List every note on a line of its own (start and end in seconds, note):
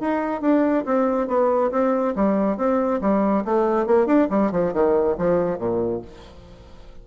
0.00 0.41 D#4
0.41 0.84 D4
0.85 1.28 C4
1.28 1.71 B3
1.71 2.14 C4
2.15 2.57 G3
2.57 3.00 C4
3.01 3.44 G3
3.45 3.86 A3
3.86 4.06 A#3
4.06 4.28 D4
4.30 4.51 G3
4.51 4.73 F3
4.73 5.16 D#3
5.18 5.58 F3
5.58 6.01 A#2